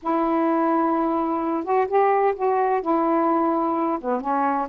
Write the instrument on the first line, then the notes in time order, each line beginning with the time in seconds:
saxophone
0.02 E4
1.63 F#4
1.87 G4
2.35 F#4
2.81 E4
4.00 B3
4.21 C#4